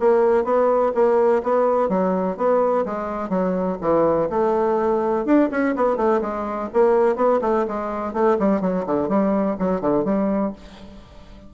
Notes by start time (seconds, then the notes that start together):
0.00 A#3
0.45 B3
0.95 A#3
1.43 B3
1.89 F#3
2.37 B3
2.86 G#3
3.30 F#3
3.81 E3
4.30 A3
5.26 D4
5.52 C#4
5.76 B3
5.97 A3
6.22 G#3
6.74 A#3
7.16 B3
7.42 A3
7.68 G#3
8.14 A3
8.39 G3
8.61 F#3
8.87 D3
9.09 G3
9.59 F#3
9.81 D3
10.05 G3